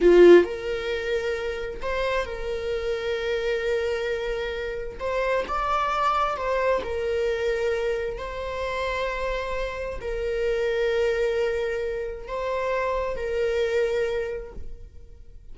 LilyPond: \new Staff \with { instrumentName = "viola" } { \time 4/4 \tempo 4 = 132 f'4 ais'2. | c''4 ais'2.~ | ais'2. c''4 | d''2 c''4 ais'4~ |
ais'2 c''2~ | c''2 ais'2~ | ais'2. c''4~ | c''4 ais'2. | }